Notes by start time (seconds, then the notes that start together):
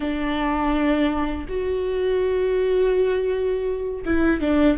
0.00 D4
1.48 F#4
4.05 E4
4.41 D4